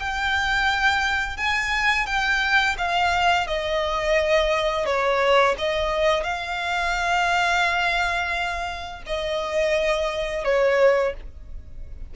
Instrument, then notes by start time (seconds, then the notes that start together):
violin
0.00 G5
1.38 G#5
2.07 G5
2.78 F5
3.47 D#5
4.86 C#5
5.59 D#5
6.24 F5
9.07 D#5
10.45 C#5